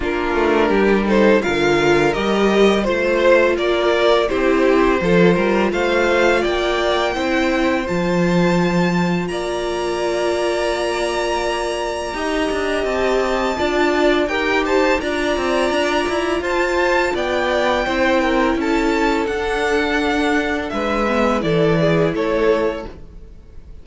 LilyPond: <<
  \new Staff \with { instrumentName = "violin" } { \time 4/4 \tempo 4 = 84 ais'4. c''8 f''4 dis''4 | c''4 d''4 c''2 | f''4 g''2 a''4~ | a''4 ais''2.~ |
ais''2 a''2 | g''8 a''8 ais''2 a''4 | g''2 a''4 fis''4~ | fis''4 e''4 d''4 cis''4 | }
  \new Staff \with { instrumentName = "violin" } { \time 4/4 f'4 g'8 a'8 ais'2 | c''4 ais'4 g'4 a'8 ais'8 | c''4 d''4 c''2~ | c''4 d''2.~ |
d''4 dis''2 d''4 | ais'8 c''8 d''2 c''4 | d''4 c''8 ais'8 a'2~ | a'4 b'4 a'8 gis'8 a'4 | }
  \new Staff \with { instrumentName = "viola" } { \time 4/4 d'4. dis'8 f'4 g'4 | f'2 e'4 f'4~ | f'2 e'4 f'4~ | f'1~ |
f'4 g'2 f'4 | g'4 f'2.~ | f'4 e'2 d'4~ | d'4. b8 e'2 | }
  \new Staff \with { instrumentName = "cello" } { \time 4/4 ais8 a8 g4 d4 g4 | a4 ais4 c'4 f8 g8 | a4 ais4 c'4 f4~ | f4 ais2.~ |
ais4 dis'8 d'8 c'4 d'4 | dis'4 d'8 c'8 d'8 e'8 f'4 | b4 c'4 cis'4 d'4~ | d'4 gis4 e4 a4 | }
>>